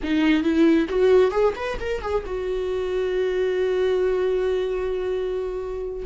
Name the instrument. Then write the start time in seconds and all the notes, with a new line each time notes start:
viola
0.03 D#4
0.43 E4
0.88 F#4
1.31 G#4
1.55 B4
1.80 A#4
2.01 G#4
2.26 F#4